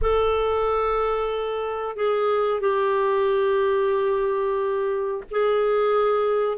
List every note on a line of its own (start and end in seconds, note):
0.01 1.96 A4
1.96 2.60 G#4
2.60 5.24 G4
5.30 6.57 G#4